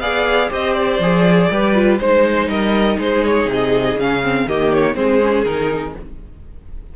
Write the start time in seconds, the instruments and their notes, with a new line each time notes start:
0.00 cello B3, viola G#4, violin D5 F5
0.50 cello C4, viola G4, violin C5 D#5
0.74 violin D5
0.99 cello F3, viola G#4
1.51 cello G3, viola G4, violin B4
1.75 viola F4
1.99 cello G#3, viola D#4, violin C5
2.48 cello G3, violin A#4 D#5
2.99 cello G#3, violin G#4 C5
3.25 violin C#5
3.46 cello C3
3.53 violin D#5
3.96 cello C#3, viola C#4, violin F5
4.23 viola C4
4.47 cello D#3, viola A#3, violin G4 D#5
4.73 violin C#5
4.95 cello G#3, viola C4, violin G#4 C5
5.22 viola C#4
5.45 cello D#3, viola D#4, violin A#4